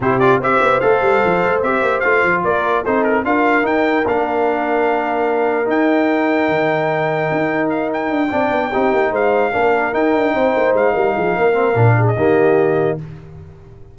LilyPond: <<
  \new Staff \with { instrumentName = "trumpet" } { \time 4/4 \tempo 4 = 148 c''8 d''8 e''4 f''2 | e''4 f''4 d''4 c''8 ais'8 | f''4 g''4 f''2~ | f''2 g''2~ |
g''2. f''8 g''8~ | g''2~ g''8 f''4.~ | f''8 g''2 f''4.~ | f''4.~ f''16 dis''2~ dis''16 | }
  \new Staff \with { instrumentName = "horn" } { \time 4/4 g'4 c''2.~ | c''2 ais'4 a'4 | ais'1~ | ais'1~ |
ais'1~ | ais'8 d''4 g'4 c''4 ais'8~ | ais'4. c''4. ais'8 gis'8 | ais'4. gis'8 g'2 | }
  \new Staff \with { instrumentName = "trombone" } { \time 4/4 e'8 f'8 g'4 a'2 | g'4 f'2 dis'4 | f'4 dis'4 d'2~ | d'2 dis'2~ |
dis'1~ | dis'8 d'4 dis'2 d'8~ | d'8 dis'2.~ dis'8~ | dis'8 c'8 d'4 ais2 | }
  \new Staff \with { instrumentName = "tuba" } { \time 4/4 c4 c'8 b8 a8 g8 f8 a8 | c'8 ais8 a8 f8 ais4 c'4 | d'4 dis'4 ais2~ | ais2 dis'2 |
dis2 dis'2 | d'8 c'8 b8 c'8 ais8 gis4 ais8~ | ais8 dis'8 d'8 c'8 ais8 gis8 g8 f8 | ais4 ais,4 dis2 | }
>>